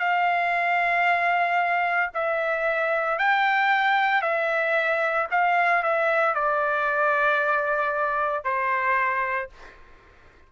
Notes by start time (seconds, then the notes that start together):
0.00 F5
2.15 E5
3.19 G5
4.22 E5
5.32 F5
5.84 E5
6.35 D5
8.45 C5